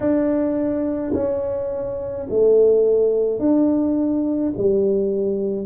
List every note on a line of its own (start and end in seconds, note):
0.00 1.13 D4
1.13 2.26 C#4
2.29 3.39 A3
3.39 4.52 D4
4.57 5.65 G3